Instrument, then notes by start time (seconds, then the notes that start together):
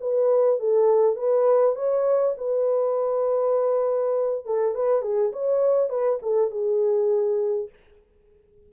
horn
0.00 B4
0.59 A4
1.16 B4
1.76 C#5
2.37 B4
4.45 A4
4.75 B4
5.02 G#4
5.33 C#5
5.89 B4
6.22 A4
6.50 G#4